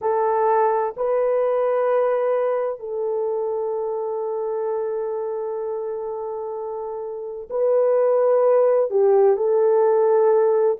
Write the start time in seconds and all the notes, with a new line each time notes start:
0.01 A4
0.96 B4
2.79 A4
7.50 B4
8.90 G4
9.36 A4